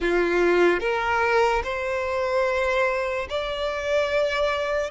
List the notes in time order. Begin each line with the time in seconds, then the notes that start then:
0.00 F4
0.80 A#4
1.63 C5
3.29 D5